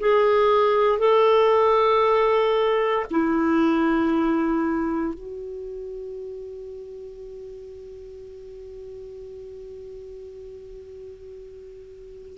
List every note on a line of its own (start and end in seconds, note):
0.00 0.99 G#4
0.99 3.06 A4
3.11 5.14 E4
5.14 12.38 F#4